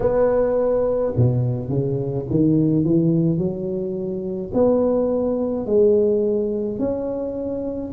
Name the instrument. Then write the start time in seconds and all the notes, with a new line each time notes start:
tuba
0.00 B3
1.16 B2
1.69 C#3
2.30 D#3
2.84 E3
3.38 F#3
4.53 B3
5.66 G#3
6.79 C#4